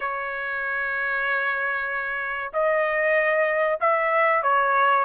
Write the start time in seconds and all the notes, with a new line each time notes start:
0.00 C#5
2.53 D#5
3.80 E5
4.42 C#5